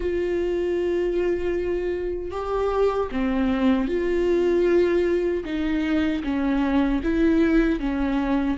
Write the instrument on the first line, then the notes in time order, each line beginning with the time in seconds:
viola
0.00 F4
2.31 G4
3.11 C4
3.87 F4
5.44 D#4
6.23 C#4
7.03 E4
7.79 C#4